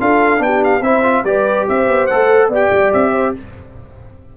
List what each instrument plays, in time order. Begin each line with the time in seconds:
0.00 tuba D4, trombone F4, horn A4, trumpet F5
0.38 tuba B3, trombone D4, trumpet G5
0.44 horn G4
0.64 trumpet F5
0.80 tuba C4, trombone E4, horn C5, trumpet E5
1.03 trombone F4
1.24 tuba G3, trombone G4, horn B4, trumpet D5
1.68 tuba C4, horn C5, trumpet E5
1.88 tuba B3
2.06 tuba A3, trombone A4, trumpet F#5
2.48 tuba B3, trombone G4, horn D5
2.55 trumpet G5
2.71 tuba G3
2.93 tuba C4, trumpet E5
3.11 horn C5